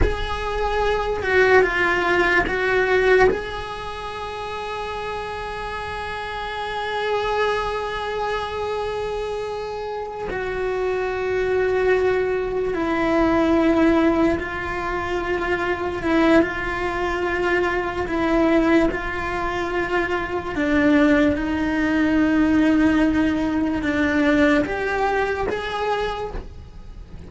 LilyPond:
\new Staff \with { instrumentName = "cello" } { \time 4/4 \tempo 4 = 73 gis'4. fis'8 f'4 fis'4 | gis'1~ | gis'1~ | gis'8 fis'2. e'8~ |
e'4. f'2 e'8 | f'2 e'4 f'4~ | f'4 d'4 dis'2~ | dis'4 d'4 g'4 gis'4 | }